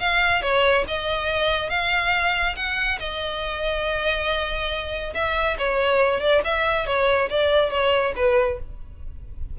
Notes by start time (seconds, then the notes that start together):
0.00 F5
0.42 C#5
0.88 D#5
1.70 F5
2.56 F#5
2.99 D#5
5.14 E5
5.59 C#5
6.20 D5
6.45 E5
6.86 C#5
7.30 D5
7.71 C#5
8.16 B4